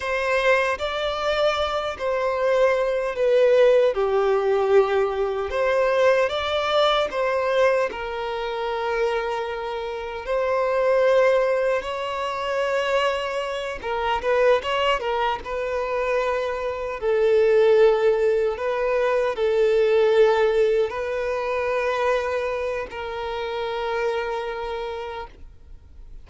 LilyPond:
\new Staff \with { instrumentName = "violin" } { \time 4/4 \tempo 4 = 76 c''4 d''4. c''4. | b'4 g'2 c''4 | d''4 c''4 ais'2~ | ais'4 c''2 cis''4~ |
cis''4. ais'8 b'8 cis''8 ais'8 b'8~ | b'4. a'2 b'8~ | b'8 a'2 b'4.~ | b'4 ais'2. | }